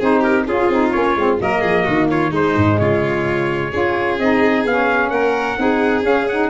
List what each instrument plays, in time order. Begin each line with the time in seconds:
0.00 tuba C4, saxophone D#4, violin G#4, trumpet C5
0.21 violin G4, trumpet A#4
0.47 tuba C#4, violin F4, saxophone F4, trumpet G#4
0.70 tuba C4, saxophone D#4
0.91 tuba A#3, saxophone C#4, trumpet C#5
1.16 tuba G#3, saxophone C4
1.39 tuba F#3, saxophone A#3, violin A#4, trumpet D#5
1.61 tuba F3, violin G#4
1.85 tuba D#3, violin F#4
2.10 violin F4, trumpet C#5
2.31 tuba G#3, saxophone G#3, violin D#4, trumpet C5
2.57 tuba G#2
2.79 tuba C#3, violin F4, trumpet C#5
3.71 tuba C#4, saxophone F4, violin G#4
4.19 tuba C4, saxophone D#4, trumpet D#5
4.65 tuba B3, saxophone C#4, trumpet F5
5.10 tuba A#3, violin A#4, trumpet F#5
5.58 tuba C4, saxophone D#4, violin G#4
6.03 tuba C#4, saxophone C#4, trumpet F5
6.29 saxophone D#4, trumpet F#5